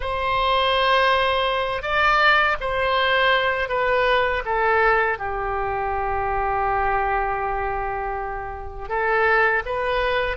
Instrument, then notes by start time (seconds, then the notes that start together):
oboe
0.00 C5
1.82 D5
2.60 C5
3.68 B4
4.45 A4
5.18 G4
8.89 A4
9.65 B4